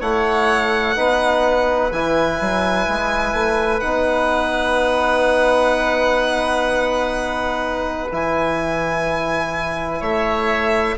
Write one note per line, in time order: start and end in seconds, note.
0.00 0.96 A3
0.00 0.95 E4
0.00 0.95 C#5
0.00 1.92 F#5
0.95 1.91 B3
0.95 1.91 D#4
0.95 10.00 B4
1.91 2.39 E3
1.91 3.81 E4
1.91 3.80 G#5
2.40 2.88 F#3
2.88 3.33 G#3
3.33 3.80 A3
3.80 8.12 B3
3.80 8.10 D#4
3.80 8.08 F#5
8.12 10.01 E3
8.12 10.97 E4
8.12 10.02 G#5
10.00 10.96 A3
10.00 10.95 C#5
10.00 10.97 E5